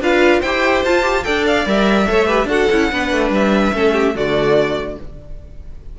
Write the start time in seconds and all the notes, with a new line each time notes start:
0.00 D4 F4 B4 F5
0.41 E4 G4 C5 G5
0.84 F4 A5
1.02 G4
1.24 D4 A4 D5 G5
1.47 F5
1.66 G3 A#4 E5
2.07 A3 A4 C#5
2.26 G4 B4
2.45 D4 F#4 A4 F#5
2.71 C#4 E4
2.92 B3 D4 B4
3.12 A3
3.30 G3 E5
3.73 A3 C#4 A4
3.93 G4
4.15 D3 A3 F#4 D5